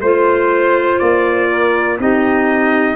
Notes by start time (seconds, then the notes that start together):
0.00 A3 F4 C5
0.99 A#3 D5
1.49 A#4
1.98 C4 D#4 G4 D#5